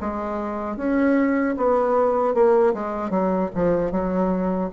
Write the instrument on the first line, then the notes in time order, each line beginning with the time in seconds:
bassoon
0.00 G#3
0.76 C#4
1.57 B3
2.34 A#3
2.73 G#3
3.10 F#3
3.55 F3
3.91 F#3